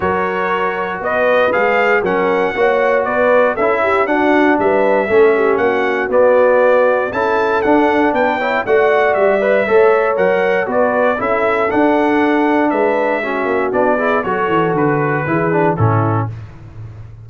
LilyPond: <<
  \new Staff \with { instrumentName = "trumpet" } { \time 4/4 \tempo 4 = 118 cis''2 dis''4 f''4 | fis''2 d''4 e''4 | fis''4 e''2 fis''4 | d''2 a''4 fis''4 |
g''4 fis''4 e''2 | fis''4 d''4 e''4 fis''4~ | fis''4 e''2 d''4 | cis''4 b'2 a'4 | }
  \new Staff \with { instrumentName = "horn" } { \time 4/4 ais'2 b'2 | ais'4 cis''4 b'4 a'8 g'8 | fis'4 b'4 a'8 g'8 fis'4~ | fis'2 a'2 |
b'8 cis''8 d''2 cis''4~ | cis''4 b'4 a'2~ | a'4 b'4 fis'4. gis'8 | a'2 gis'4 e'4 | }
  \new Staff \with { instrumentName = "trombone" } { \time 4/4 fis'2. gis'4 | cis'4 fis'2 e'4 | d'2 cis'2 | b2 e'4 d'4~ |
d'8 e'8 fis'4. b'8 a'4 | ais'4 fis'4 e'4 d'4~ | d'2 cis'4 d'8 e'8 | fis'2 e'8 d'8 cis'4 | }
  \new Staff \with { instrumentName = "tuba" } { \time 4/4 fis2 b4 gis4 | fis4 ais4 b4 cis'4 | d'4 g4 a4 ais4 | b2 cis'4 d'4 |
b4 a4 g4 a4 | fis4 b4 cis'4 d'4~ | d'4 gis4. ais8 b4 | fis8 e8 d4 e4 a,4 | }
>>